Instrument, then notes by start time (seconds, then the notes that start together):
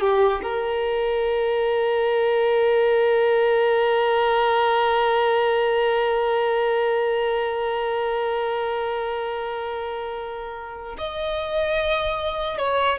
violin
0.00 G4
0.42 A#4
10.98 D#5
12.58 C#5